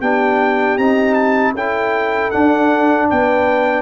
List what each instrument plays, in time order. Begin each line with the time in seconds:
0.00 tuba B3, trombone D4, horn G4, trumpet G5
0.78 tuba C4, trombone D#4, trumpet A#5
1.14 trumpet A5
1.54 tuba C#4, trombone E4, horn A4, trumpet G5
2.31 trombone D4, tuba D4, trumpet F#5
3.09 tuba B3, horn B4, trumpet G5